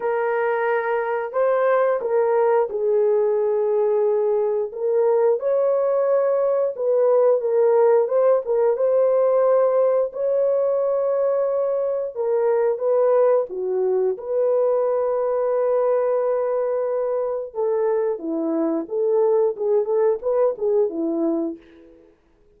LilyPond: \new Staff \with { instrumentName = "horn" } { \time 4/4 \tempo 4 = 89 ais'2 c''4 ais'4 | gis'2. ais'4 | cis''2 b'4 ais'4 | c''8 ais'8 c''2 cis''4~ |
cis''2 ais'4 b'4 | fis'4 b'2.~ | b'2 a'4 e'4 | a'4 gis'8 a'8 b'8 gis'8 e'4 | }